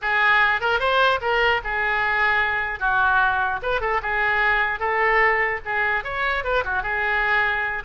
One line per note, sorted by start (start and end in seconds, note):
0.01 0.60 G#4
0.60 0.79 A#4
0.79 1.19 C5
1.21 1.61 A#4
1.64 2.79 G#4
2.79 3.60 F#4
3.62 3.80 B4
3.80 4.00 A4
4.02 4.79 G#4
4.79 5.60 A4
5.65 6.04 G#4
6.04 6.44 C#5
6.44 6.64 B4
6.64 6.82 F#4
6.82 7.83 G#4